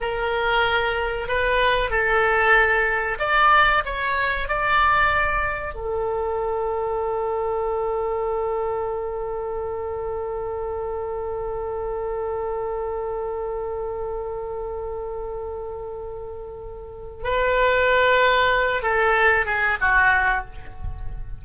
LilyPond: \new Staff \with { instrumentName = "oboe" } { \time 4/4 \tempo 4 = 94 ais'2 b'4 a'4~ | a'4 d''4 cis''4 d''4~ | d''4 a'2.~ | a'1~ |
a'1~ | a'1~ | a'2. b'4~ | b'4. a'4 gis'8 fis'4 | }